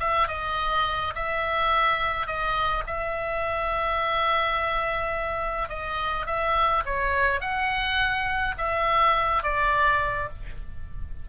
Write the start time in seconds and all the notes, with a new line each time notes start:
0.00 E5
0.28 D#5
1.15 E5
2.27 D#5
2.87 E5
5.69 D#5
6.26 E5
6.86 C#5
7.41 F#5
8.58 E5
9.43 D5